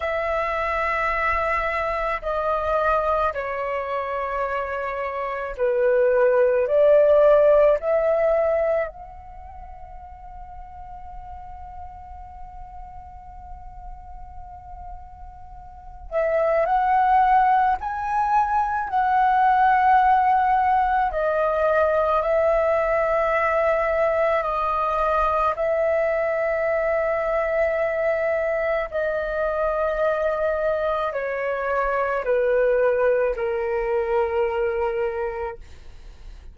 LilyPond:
\new Staff \with { instrumentName = "flute" } { \time 4/4 \tempo 4 = 54 e''2 dis''4 cis''4~ | cis''4 b'4 d''4 e''4 | fis''1~ | fis''2~ fis''8 e''8 fis''4 |
gis''4 fis''2 dis''4 | e''2 dis''4 e''4~ | e''2 dis''2 | cis''4 b'4 ais'2 | }